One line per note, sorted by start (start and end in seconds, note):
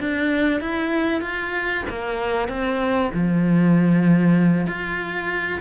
0.00 0.61 D4
0.61 1.22 E4
1.22 1.84 F4
1.89 2.49 A#3
2.49 3.11 C4
3.14 4.67 F3
4.67 5.61 F4